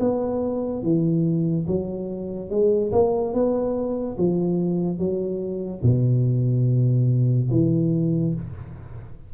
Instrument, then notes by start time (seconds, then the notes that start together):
tuba
0.00 B3
0.83 E3
1.67 F#3
2.50 G#3
2.92 A#3
3.34 B3
4.18 F3
4.98 F#3
5.83 B2
7.51 E3